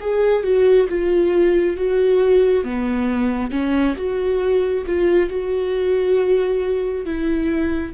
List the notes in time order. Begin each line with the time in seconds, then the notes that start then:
0.00 G#4
0.43 F#4
0.89 F4
1.76 F#4
2.64 B3
3.51 C#4
3.97 F#4
4.86 F4
5.29 F#4
7.05 E4